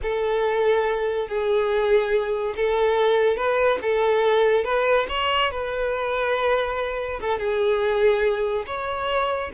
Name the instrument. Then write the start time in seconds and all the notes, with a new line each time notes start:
violin
0.02 A4
1.28 G#4
2.55 A4
3.36 B4
3.82 A4
4.64 B4
5.08 C#5
5.51 B4
7.20 A4
7.38 G#4
8.66 C#5